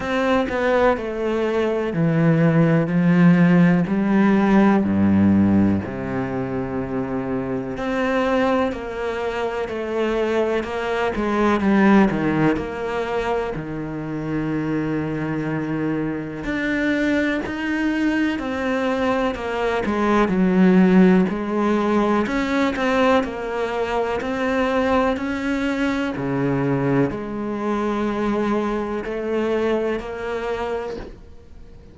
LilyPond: \new Staff \with { instrumentName = "cello" } { \time 4/4 \tempo 4 = 62 c'8 b8 a4 e4 f4 | g4 g,4 c2 | c'4 ais4 a4 ais8 gis8 | g8 dis8 ais4 dis2~ |
dis4 d'4 dis'4 c'4 | ais8 gis8 fis4 gis4 cis'8 c'8 | ais4 c'4 cis'4 cis4 | gis2 a4 ais4 | }